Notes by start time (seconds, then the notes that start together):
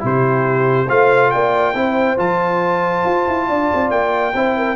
0.00 C3 E4 G4 C5
0.88 A3 F4 C5 F5
1.31 A#3 D5 G5
1.74 C4 E4 C5
2.17 F3 F4 A5
3.05 F4
3.27 E4
3.48 D4 D5
3.74 C4
3.90 A#3 G5
4.34 C4 E4 C5
4.57 A#4